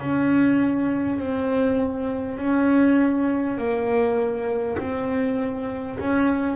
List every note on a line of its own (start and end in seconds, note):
0.00 1.19 C#4
1.19 2.38 C4
2.38 3.58 C#4
3.58 4.78 A#3
4.79 5.99 C4
5.99 6.57 C#4